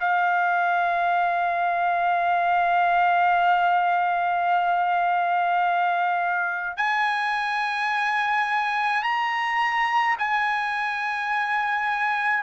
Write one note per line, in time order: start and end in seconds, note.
0.00 6.77 F5
6.77 9.03 G#5
9.03 10.16 A#5
10.18 12.43 G#5